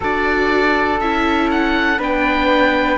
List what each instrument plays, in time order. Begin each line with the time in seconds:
0.00 cello D4, viola F#4, flute A4, oboe D5
1.00 cello C#4, viola E4, oboe E5
1.50 oboe F#5
1.98 cello B3, viola D4, flute B4, oboe G5